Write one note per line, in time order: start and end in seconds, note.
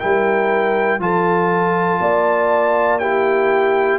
0.00 1.00 G3
0.00 1.01 E4
0.00 1.00 A#4
0.00 1.00 G5
1.00 2.00 F3
1.00 3.01 F4
1.00 2.01 A4
1.00 2.99 A5
2.00 3.99 A#3
2.00 3.01 D5
2.99 3.99 E4
2.99 3.99 G4
2.99 3.99 G5